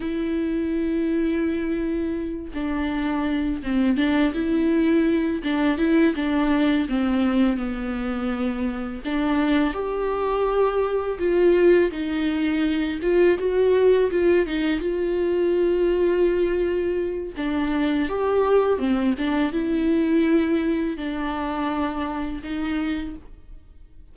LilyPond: \new Staff \with { instrumentName = "viola" } { \time 4/4 \tempo 4 = 83 e'2.~ e'8 d'8~ | d'4 c'8 d'8 e'4. d'8 | e'8 d'4 c'4 b4.~ | b8 d'4 g'2 f'8~ |
f'8 dis'4. f'8 fis'4 f'8 | dis'8 f'2.~ f'8 | d'4 g'4 c'8 d'8 e'4~ | e'4 d'2 dis'4 | }